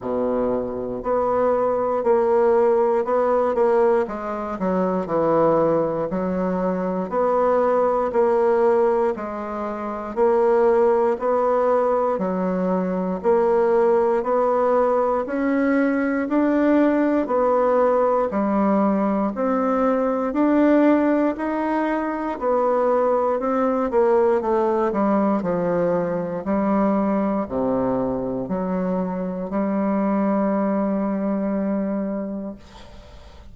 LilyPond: \new Staff \with { instrumentName = "bassoon" } { \time 4/4 \tempo 4 = 59 b,4 b4 ais4 b8 ais8 | gis8 fis8 e4 fis4 b4 | ais4 gis4 ais4 b4 | fis4 ais4 b4 cis'4 |
d'4 b4 g4 c'4 | d'4 dis'4 b4 c'8 ais8 | a8 g8 f4 g4 c4 | fis4 g2. | }